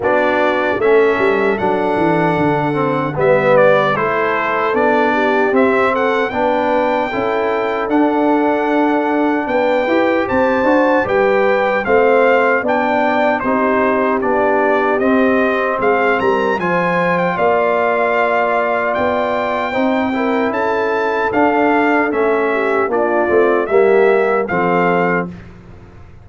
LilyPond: <<
  \new Staff \with { instrumentName = "trumpet" } { \time 4/4 \tempo 4 = 76 d''4 e''4 fis''2 | e''8 d''8 c''4 d''4 e''8 fis''8 | g''2 fis''2 | g''4 a''4 g''4 f''4 |
g''4 c''4 d''4 dis''4 | f''8 ais''8 gis''8. g''16 f''2 | g''2 a''4 f''4 | e''4 d''4 e''4 f''4 | }
  \new Staff \with { instrumentName = "horn" } { \time 4/4 fis'4 a'2. | b'4 a'4. g'4 a'8 | b'4 a'2. | b'4 c''4 b'4 c''4 |
d''4 g'2. | gis'8 ais'8 c''4 d''2~ | d''4 c''8 ais'8 a'2~ | a'8 g'8 f'4 g'4 a'4 | }
  \new Staff \with { instrumentName = "trombone" } { \time 4/4 d'4 cis'4 d'4. c'8 | b4 e'4 d'4 c'4 | d'4 e'4 d'2~ | d'8 g'4 fis'8 g'4 c'4 |
d'4 dis'4 d'4 c'4~ | c'4 f'2.~ | f'4 dis'8 e'4. d'4 | cis'4 d'8 c'8 ais4 c'4 | }
  \new Staff \with { instrumentName = "tuba" } { \time 4/4 b4 a8 g8 fis8 e8 d4 | g4 a4 b4 c'4 | b4 cis'4 d'2 | b8 e'8 c'8 d'8 g4 a4 |
b4 c'4 b4 c'4 | gis8 g8 f4 ais2 | b4 c'4 cis'4 d'4 | a4 ais8 a8 g4 f4 | }
>>